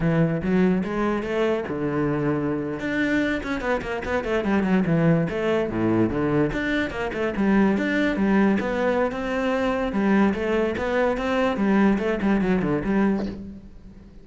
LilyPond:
\new Staff \with { instrumentName = "cello" } { \time 4/4 \tempo 4 = 145 e4 fis4 gis4 a4 | d2~ d8. d'4~ d'16~ | d'16 cis'8 b8 ais8 b8 a8 g8 fis8 e16~ | e8. a4 a,4 d4 d'16~ |
d'8. ais8 a8 g4 d'4 g16~ | g8. b4~ b16 c'2 | g4 a4 b4 c'4 | g4 a8 g8 fis8 d8 g4 | }